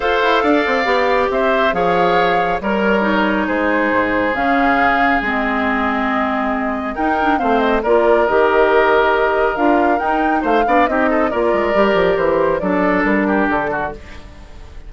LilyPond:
<<
  \new Staff \with { instrumentName = "flute" } { \time 4/4 \tempo 4 = 138 f''2. e''4 | f''2 cis''2 | c''2 f''2 | dis''1 |
g''4 f''8 dis''8 d''4 dis''4~ | dis''2 f''4 g''4 | f''4 dis''4 d''2 | c''4 d''4 ais'4 a'4 | }
  \new Staff \with { instrumentName = "oboe" } { \time 4/4 c''4 d''2 c''4 | cis''2 ais'2 | gis'1~ | gis'1 |
ais'4 c''4 ais'2~ | ais'1 | c''8 d''8 g'8 a'8 ais'2~ | ais'4 a'4. g'4 fis'8 | }
  \new Staff \with { instrumentName = "clarinet" } { \time 4/4 a'2 g'2 | gis'2 ais'4 dis'4~ | dis'2 cis'2 | c'1 |
dis'8 d'8 c'4 f'4 g'4~ | g'2 f'4 dis'4~ | dis'8 d'8 dis'4 f'4 g'4~ | g'4 d'2. | }
  \new Staff \with { instrumentName = "bassoon" } { \time 4/4 f'8 e'8 d'8 c'8 b4 c'4 | f2 g2 | gis4 gis,4 cis2 | gis1 |
dis'4 a4 ais4 dis4~ | dis2 d'4 dis'4 | a8 b8 c'4 ais8 gis8 g8 f8 | e4 fis4 g4 d4 | }
>>